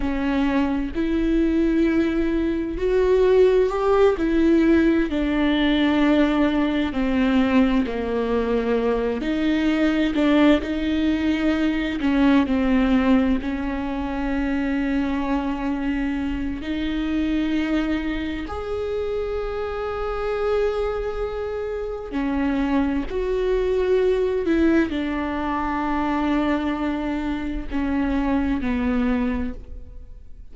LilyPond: \new Staff \with { instrumentName = "viola" } { \time 4/4 \tempo 4 = 65 cis'4 e'2 fis'4 | g'8 e'4 d'2 c'8~ | c'8 ais4. dis'4 d'8 dis'8~ | dis'4 cis'8 c'4 cis'4.~ |
cis'2 dis'2 | gis'1 | cis'4 fis'4. e'8 d'4~ | d'2 cis'4 b4 | }